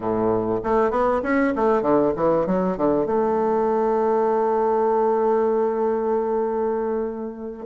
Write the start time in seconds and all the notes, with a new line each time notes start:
0.00 A2
0.63 A3
0.90 B3
1.22 C#4
1.55 A3
1.82 D3
2.16 E3
2.46 F#3
2.77 D3
3.06 A3